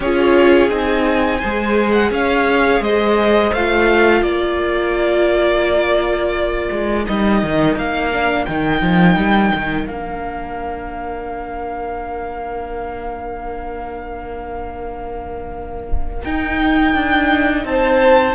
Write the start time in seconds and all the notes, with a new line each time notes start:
0.00 C#4 F4 G#4 C#5
0.69 C4 D#4 G#5
1.39 G#3 G#4 C5
1.91 F#5
2.11 C#4 C#5 F5
2.80 G#3 C5 D#5
3.52 A3 F4 F5
4.22 A#3 A#4 D5
6.71 G#3
7.04 G3 D#4 D#5
7.42 D#3
7.76 A#3 F5
8.12 D4
8.45 D#3 D#4 G5
8.82 F3
9.16 G3
9.55 D#3
9.86 A#3 D4 F5
16.24 D#4 G5
16.94 D4
17.64 C4 C5 A5